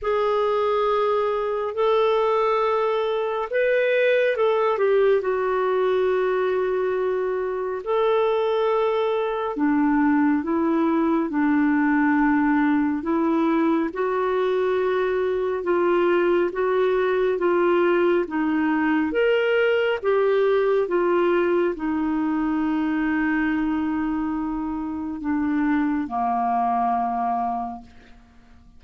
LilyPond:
\new Staff \with { instrumentName = "clarinet" } { \time 4/4 \tempo 4 = 69 gis'2 a'2 | b'4 a'8 g'8 fis'2~ | fis'4 a'2 d'4 | e'4 d'2 e'4 |
fis'2 f'4 fis'4 | f'4 dis'4 ais'4 g'4 | f'4 dis'2.~ | dis'4 d'4 ais2 | }